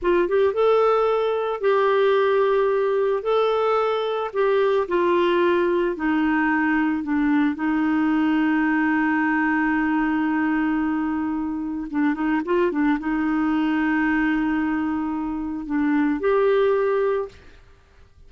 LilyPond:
\new Staff \with { instrumentName = "clarinet" } { \time 4/4 \tempo 4 = 111 f'8 g'8 a'2 g'4~ | g'2 a'2 | g'4 f'2 dis'4~ | dis'4 d'4 dis'2~ |
dis'1~ | dis'2 d'8 dis'8 f'8 d'8 | dis'1~ | dis'4 d'4 g'2 | }